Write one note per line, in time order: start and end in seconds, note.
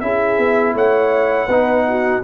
0.00 0.38 C#4
0.00 1.48 E4
0.00 0.74 G#4
0.00 0.73 E5
0.38 0.74 B3
0.74 1.47 A3
0.74 1.46 C#5
0.74 2.23 F#5
1.46 2.21 B3
1.46 2.23 D#4
1.46 1.83 B4
1.87 2.23 F#4